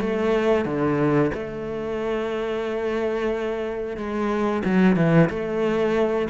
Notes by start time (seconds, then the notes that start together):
0.00 A3
0.65 D3
1.34 A3
3.97 G#3
4.65 F#3
4.96 E3
5.30 A3